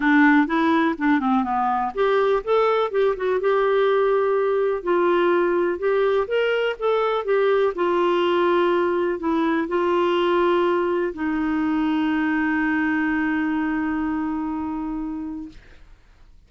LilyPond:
\new Staff \with { instrumentName = "clarinet" } { \time 4/4 \tempo 4 = 124 d'4 e'4 d'8 c'8 b4 | g'4 a'4 g'8 fis'8 g'4~ | g'2 f'2 | g'4 ais'4 a'4 g'4 |
f'2. e'4 | f'2. dis'4~ | dis'1~ | dis'1 | }